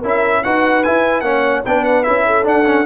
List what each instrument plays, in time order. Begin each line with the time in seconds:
0.00 tuba C#4, trombone E4, horn A#4
0.06 trumpet E5
0.43 tuba D#4, trombone F#4, horn B4, trumpet F#5
0.83 trombone E4, tuba E4, trumpet G#5
1.20 tuba A#3, trombone C#4, horn C#5, trumpet F#5
1.65 tuba B3, trombone D4, horn B4, trumpet G5
1.84 trumpet F#5
2.03 tuba C#4, trombone E4, trumpet E5
2.26 horn A4
2.43 trombone D4, tuba D4, trumpet F#5
2.64 trombone C#4